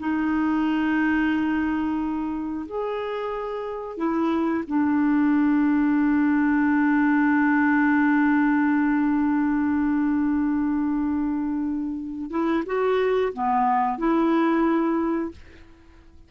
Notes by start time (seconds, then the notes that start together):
0.00 D#4
2.66 G#4
3.98 E4
4.68 D4
12.31 E4
12.66 F#4
13.34 B3
13.98 E4